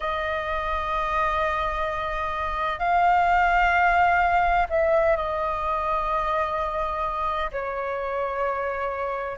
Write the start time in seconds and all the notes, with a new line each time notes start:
0.00 D#5
2.79 F5
4.69 E5
5.16 D#5
7.51 C#5